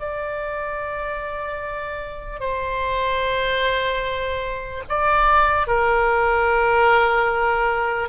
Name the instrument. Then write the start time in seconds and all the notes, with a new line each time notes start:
oboe
0.00 D5
2.40 C5
4.89 D5
5.68 A#4